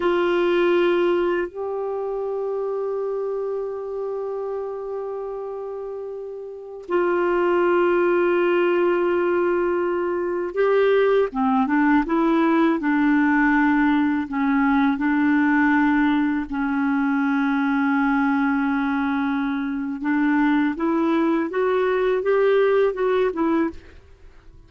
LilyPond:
\new Staff \with { instrumentName = "clarinet" } { \time 4/4 \tempo 4 = 81 f'2 g'2~ | g'1~ | g'4~ g'16 f'2~ f'8.~ | f'2~ f'16 g'4 c'8 d'16~ |
d'16 e'4 d'2 cis'8.~ | cis'16 d'2 cis'4.~ cis'16~ | cis'2. d'4 | e'4 fis'4 g'4 fis'8 e'8 | }